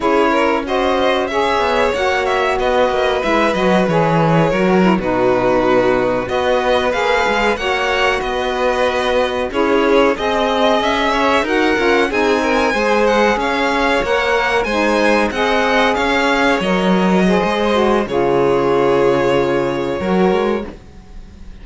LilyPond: <<
  \new Staff \with { instrumentName = "violin" } { \time 4/4 \tempo 4 = 93 cis''4 dis''4 e''4 fis''8 e''8 | dis''4 e''8 dis''8 cis''4.~ cis''16 b'16~ | b'4.~ b'16 dis''4 f''4 fis''16~ | fis''8. dis''2 cis''4 dis''16~ |
dis''8. e''4 fis''4 gis''4~ gis''16~ | gis''16 fis''8 f''4 fis''4 gis''4 fis''16~ | fis''8. f''4 dis''2~ dis''16 | cis''1 | }
  \new Staff \with { instrumentName = "violin" } { \time 4/4 gis'8 ais'8 c''4 cis''2 | b'2. ais'8. fis'16~ | fis'4.~ fis'16 b'2 cis''16~ | cis''8. b'2 gis'4 dis''16~ |
dis''4~ dis''16 cis''8 ais'4 gis'8 ais'8 c''16~ | c''8. cis''2 c''4 dis''16~ | dis''8. cis''2 c''4~ c''16 | gis'2. ais'4 | }
  \new Staff \with { instrumentName = "saxophone" } { \time 4/4 e'4 fis'4 gis'4 fis'4~ | fis'4 e'8 fis'8 gis'4 fis'8 e'16 dis'16~ | dis'4.~ dis'16 fis'4 gis'4 fis'16~ | fis'2~ fis'8. e'4 gis'16~ |
gis'4.~ gis'16 fis'8 f'8 dis'4 gis'16~ | gis'4.~ gis'16 ais'4 dis'4 gis'16~ | gis'4.~ gis'16 ais'4 gis'8. fis'8 | f'2. fis'4 | }
  \new Staff \with { instrumentName = "cello" } { \time 4/4 cis'2~ cis'8 b8 ais4 | b8 ais8 gis8 fis8 e4 fis8. b,16~ | b,4.~ b,16 b4 ais8 gis8 ais16~ | ais8. b2 cis'4 c'16~ |
c'8. cis'4 dis'8 cis'8 c'4 gis16~ | gis8. cis'4 ais4 gis4 c'16~ | c'8. cis'4 fis4~ fis16 gis4 | cis2. fis8 gis8 | }
>>